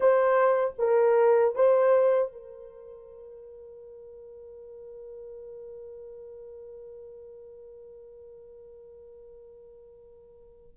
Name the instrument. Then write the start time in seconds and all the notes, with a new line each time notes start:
horn
0.00 C5
0.78 A#4
1.55 C5
2.31 A#4